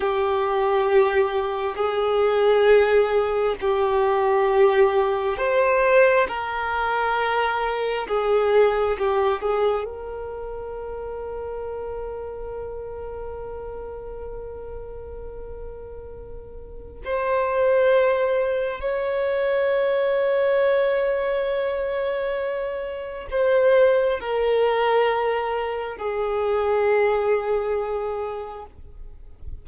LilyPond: \new Staff \with { instrumentName = "violin" } { \time 4/4 \tempo 4 = 67 g'2 gis'2 | g'2 c''4 ais'4~ | ais'4 gis'4 g'8 gis'8 ais'4~ | ais'1~ |
ais'2. c''4~ | c''4 cis''2.~ | cis''2 c''4 ais'4~ | ais'4 gis'2. | }